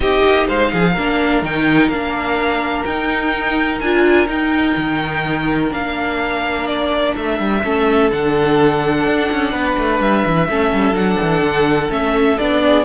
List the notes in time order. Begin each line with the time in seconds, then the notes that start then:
0.00 C4 D#4 G4 D#5
0.24 A#3
0.47 G#3 C5 F5
0.72 F3 G#4
0.92 A#3 D4 A#4
1.42 D#3 D#4 G5
1.88 A#3 D4 F5
2.85 D#4 G5
3.79 D4 F4 G#5
4.26 D#4 G5
4.76 D#3
5.70 A#3 D4 F5
6.66 D5
7.16 A3 E5
7.39 G3
7.63 A3 C#4 A4
8.11 D3 D4 F#5
9.06 D4
9.31 C#4
9.51 B3 B4
9.77 A3
10.00 G3 E5
10.25 E3
10.48 A3 C#4 A4
10.73 G3
10.93 F#3 D4 F#5
11.21 E3
11.41 D3
11.89 A3 C#4 E5
12.38 B3 D4 D5
12.63 G#4